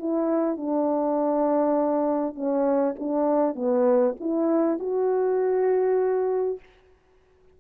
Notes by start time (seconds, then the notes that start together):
0.00 E4
0.57 D4
2.35 C#4
2.99 D4
3.56 B3
4.21 E4
4.80 F#4